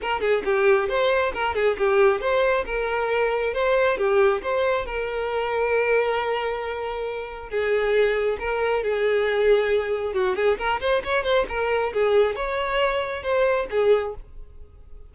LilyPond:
\new Staff \with { instrumentName = "violin" } { \time 4/4 \tempo 4 = 136 ais'8 gis'8 g'4 c''4 ais'8 gis'8 | g'4 c''4 ais'2 | c''4 g'4 c''4 ais'4~ | ais'1~ |
ais'4 gis'2 ais'4 | gis'2. fis'8 gis'8 | ais'8 c''8 cis''8 c''8 ais'4 gis'4 | cis''2 c''4 gis'4 | }